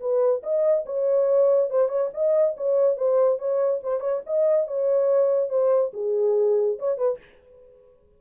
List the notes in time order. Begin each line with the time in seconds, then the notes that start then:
0.00 B4
0.43 D#5
0.86 C#5
1.70 C5
1.89 C#5
2.14 D#5
2.57 C#5
2.97 C5
3.38 C#5
3.83 C5
4.00 C#5
4.26 D#5
4.67 C#5
5.49 C5
5.93 G#4
6.79 C#5
6.97 B4